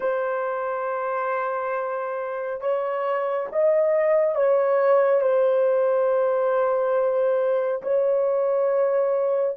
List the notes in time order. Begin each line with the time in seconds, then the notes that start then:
0.00 C5
2.60 C#5
3.52 D#5
4.35 C#5
5.21 C5
7.82 C#5